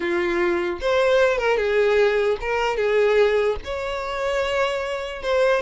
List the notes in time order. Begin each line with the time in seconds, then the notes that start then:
0.00 F4
0.80 C5
1.38 A#4
1.57 G#4
2.41 A#4
2.76 G#4
3.64 C#5
5.22 C5